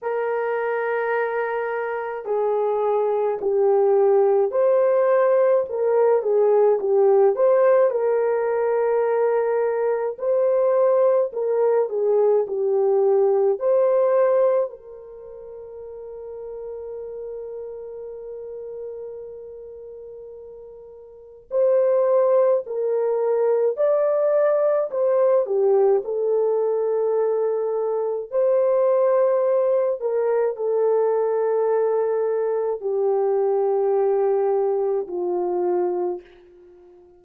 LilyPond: \new Staff \with { instrumentName = "horn" } { \time 4/4 \tempo 4 = 53 ais'2 gis'4 g'4 | c''4 ais'8 gis'8 g'8 c''8 ais'4~ | ais'4 c''4 ais'8 gis'8 g'4 | c''4 ais'2.~ |
ais'2. c''4 | ais'4 d''4 c''8 g'8 a'4~ | a'4 c''4. ais'8 a'4~ | a'4 g'2 f'4 | }